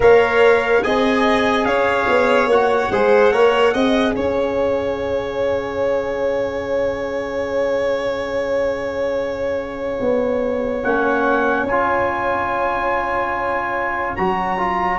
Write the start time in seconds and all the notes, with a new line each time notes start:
0.00 A#3 A#4 C#5 F5
0.82 C4 G#4 D#5 G#5
1.64 C#4 C#5 F5
2.08 B3
2.46 A#3 F#4 F#5
2.90 G#3 G#4 C5
3.32 A#3 A#4 C#5
3.73 C4 G#4 D#5
4.15 C#4 C#5 F5
10.00 B3
10.83 A#3 C#4 F#5
11.63 C#4 G#5
11.70 F4
14.16 F#3 F#4 A#5
14.58 F4